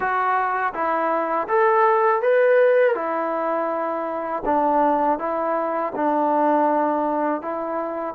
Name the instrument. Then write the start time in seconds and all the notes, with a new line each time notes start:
trombone
0.00 F#4
0.73 E4
1.48 A4
2.22 B4
2.95 E4
4.45 D4
5.19 E4
5.95 D4
7.41 E4